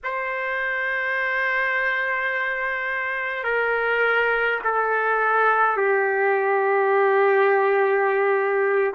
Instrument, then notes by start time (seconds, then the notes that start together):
trumpet
0.03 C5
3.43 A#4
4.64 A4
5.76 G4